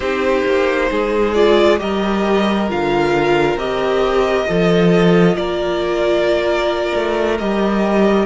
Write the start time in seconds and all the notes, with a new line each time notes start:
0.00 C4 D#4 G4 C5
0.45 A#3
0.90 G#3 G#4
1.34 F4 D5
1.78 G3 G4 A#4 D#5
2.68 D3 F4 F5
3.56 C4 G4 D#5
4.46 F3 F4 A4
5.35 A#3 A#4 D5
6.95 A3
7.38 G3 G4 D#5